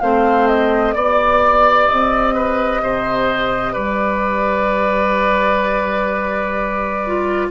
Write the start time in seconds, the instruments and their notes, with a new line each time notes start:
0.00 bassoon A3, clarinet C4, oboe C5, flute F5
0.47 flute D#5
0.93 bassoon B3, clarinet G4, flute D5, oboe D5
1.86 bassoon C4, flute D#5
2.34 oboe B4
2.82 bassoon C3, oboe C5
3.72 bassoon G3, oboe B4, flute D5
7.06 clarinet F4